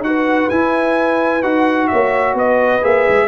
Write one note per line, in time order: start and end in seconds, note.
0.00 0.47 D#4
0.00 0.50 F#4
0.00 0.49 F#5
0.07 1.90 B4
0.49 1.43 E4
0.49 1.42 E4
0.49 1.42 G#5
1.42 1.90 D#4
1.42 2.81 F#4
1.42 1.87 F#5
1.87 2.33 A#3
1.87 2.37 C#5
1.87 2.34 E5
2.33 2.80 B3
2.33 3.27 B4
2.33 2.84 D#5
2.81 3.07 A#3
2.81 3.27 G#4
2.81 3.27 E5
3.08 3.27 G#3